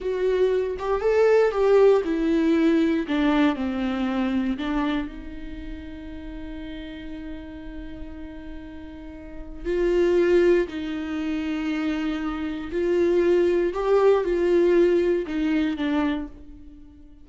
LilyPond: \new Staff \with { instrumentName = "viola" } { \time 4/4 \tempo 4 = 118 fis'4. g'8 a'4 g'4 | e'2 d'4 c'4~ | c'4 d'4 dis'2~ | dis'1~ |
dis'2. f'4~ | f'4 dis'2.~ | dis'4 f'2 g'4 | f'2 dis'4 d'4 | }